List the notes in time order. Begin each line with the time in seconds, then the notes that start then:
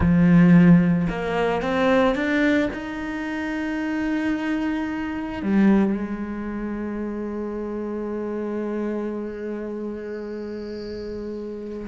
0.00 F3
1.09 A#3
1.61 C4
2.15 D4
2.73 D#4
5.42 G3
5.92 G#3